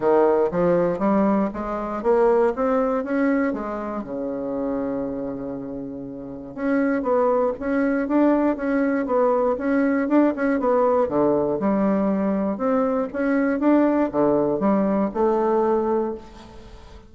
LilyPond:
\new Staff \with { instrumentName = "bassoon" } { \time 4/4 \tempo 4 = 119 dis4 f4 g4 gis4 | ais4 c'4 cis'4 gis4 | cis1~ | cis4 cis'4 b4 cis'4 |
d'4 cis'4 b4 cis'4 | d'8 cis'8 b4 d4 g4~ | g4 c'4 cis'4 d'4 | d4 g4 a2 | }